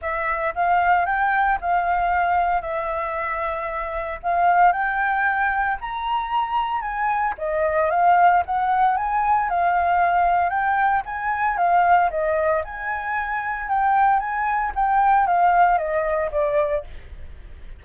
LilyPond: \new Staff \with { instrumentName = "flute" } { \time 4/4 \tempo 4 = 114 e''4 f''4 g''4 f''4~ | f''4 e''2. | f''4 g''2 ais''4~ | ais''4 gis''4 dis''4 f''4 |
fis''4 gis''4 f''2 | g''4 gis''4 f''4 dis''4 | gis''2 g''4 gis''4 | g''4 f''4 dis''4 d''4 | }